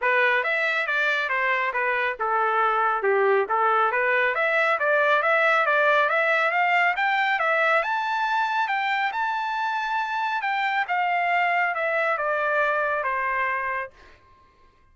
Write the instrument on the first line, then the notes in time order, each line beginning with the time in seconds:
trumpet
0.01 B4
0.43 E5
0.86 D5
1.29 C5
1.73 B4
2.19 A4
3.03 G4
3.48 A4
3.91 B4
4.34 E5
4.79 D5
5.22 E5
5.65 D5
6.09 E5
6.51 F5
6.96 G5
7.39 E5
7.82 A5
8.68 G5
9.12 A5
10.41 G5
10.88 F5
11.75 E5
12.17 D5
13.03 C5